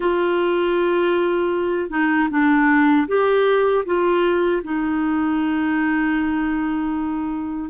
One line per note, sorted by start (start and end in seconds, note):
0.00 1.90 F4
1.90 2.28 D#4
2.30 3.07 D4
3.07 3.84 G4
3.85 4.62 F4
4.63 7.70 D#4